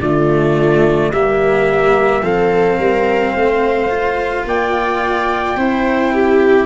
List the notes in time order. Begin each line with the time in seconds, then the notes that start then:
0.00 D3 A3 F4 D5
1.12 G3 A#3 G4 E5
2.22 F3 C4 A4 F5
2.79 G3 A#4
3.33 A3 C5
3.90 F4
4.45 A#3 D5 G5
5.56 C4 E4 C5
6.13 G4